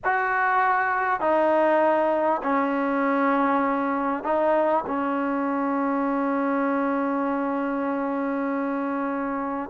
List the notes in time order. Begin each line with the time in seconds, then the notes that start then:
0.04 F#4
1.20 D#4
2.42 C#4
4.23 D#4
4.86 C#4